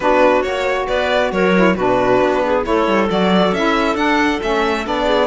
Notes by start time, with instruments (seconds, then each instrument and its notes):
0.00 cello B3, saxophone D4, clarinet F#4, violin B4
0.42 cello A#3, saxophone F#4, violin C#5
0.87 cello B3, clarinet B4, violin D5
1.31 cello F#3, clarinet A#4, violin C#5
1.55 saxophone E4
1.75 cello B2, saxophone D4, clarinet F#4, violin B4
2.21 cello B3
2.43 clarinet G#4
2.63 cello A3, saxophone E4, clarinet A4, violin C#5
2.87 cello G3
3.09 cello F#3, saxophone F#4, violin D5
3.52 cello C#4, saxophone E4, violin E5
3.94 cello D4, saxophone D4, violin F#5
4.40 cello A3, saxophone C#4, violin E5
4.84 cello B3, saxophone D4, violin D5
5.05 clarinet G#4